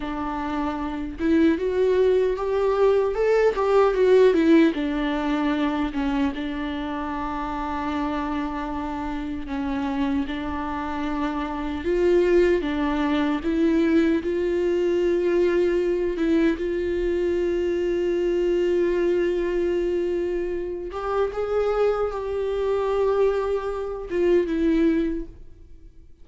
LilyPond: \new Staff \with { instrumentName = "viola" } { \time 4/4 \tempo 4 = 76 d'4. e'8 fis'4 g'4 | a'8 g'8 fis'8 e'8 d'4. cis'8 | d'1 | cis'4 d'2 f'4 |
d'4 e'4 f'2~ | f'8 e'8 f'2.~ | f'2~ f'8 g'8 gis'4 | g'2~ g'8 f'8 e'4 | }